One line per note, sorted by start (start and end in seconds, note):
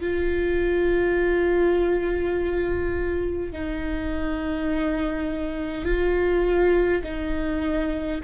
0.00 3.52 F4
3.52 5.85 D#4
5.85 7.03 F4
7.03 8.21 D#4